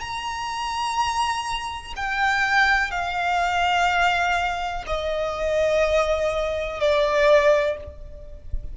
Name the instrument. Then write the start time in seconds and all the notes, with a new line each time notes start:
violin
0.00 A#5
1.96 G5
2.91 F5
4.87 D#5
6.80 D5